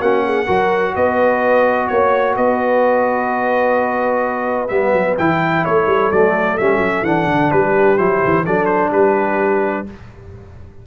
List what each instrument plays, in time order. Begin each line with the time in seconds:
0.00 tuba A#3, trombone C#4, horn F#4, trumpet F#5
0.25 horn G#4
0.46 tuba F#3, trombone F#4, horn A#4
0.96 tuba B3, horn B4, trumpet D#5
1.88 tuba A#3, trumpet C#5, horn C#5
2.36 tuba B3, horn B4, trumpet D#5
4.68 tuba G3, trombone B3, trumpet E5
4.93 tuba F#3
5.18 tuba E3, trombone E4, trumpet G5
5.64 tuba A3, horn A4, trumpet C#5
5.87 tuba G3
6.11 tuba F#3, trombone A3, trumpet D5
6.58 tuba G3, trombone C#4, trumpet E5
6.78 tuba F#3
7.03 tuba E3, trombone D4, trumpet F#5
7.26 tuba D3
7.51 tuba G3, horn G4, trumpet B4
7.98 tuba F#3, trombone E4, trumpet C5
8.25 tuba E3
8.44 tuba F#3, trombone D4, horn A4, trumpet D5
8.66 trumpet C5
8.90 tuba G3, horn G4, trumpet B4